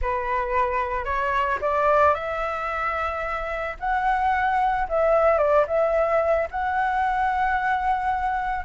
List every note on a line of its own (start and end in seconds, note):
0.01 1.04 B4
1.04 1.58 C#5
1.61 2.14 D5
2.14 3.76 E5
3.79 4.87 F#5
4.88 5.38 E5
5.38 5.65 D5
5.67 6.48 E5
6.50 8.65 F#5